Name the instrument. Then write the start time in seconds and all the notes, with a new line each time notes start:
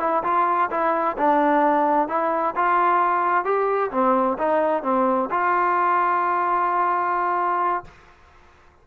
trombone
0.00 E4
0.24 F4
0.71 E4
1.17 D4
2.09 E4
2.56 F4
3.45 G4
3.91 C4
4.39 D#4
4.83 C4
5.31 F4